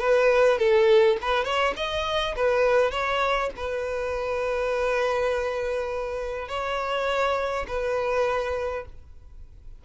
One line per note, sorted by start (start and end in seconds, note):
0.00 0.59 B4
0.59 1.18 A4
1.22 1.45 B4
1.45 1.74 C#5
1.77 2.36 D#5
2.37 2.92 B4
2.92 3.51 C#5
3.57 6.49 B4
6.49 7.67 C#5
7.68 8.86 B4